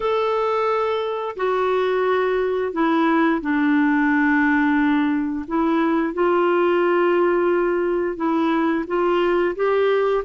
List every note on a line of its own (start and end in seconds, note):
0.00 1.35 A4
1.36 2.72 F#4
2.72 3.41 E4
3.41 5.45 D4
5.47 6.13 E4
6.13 8.16 F4
8.16 8.85 E4
8.87 9.55 F4
9.55 10.23 G4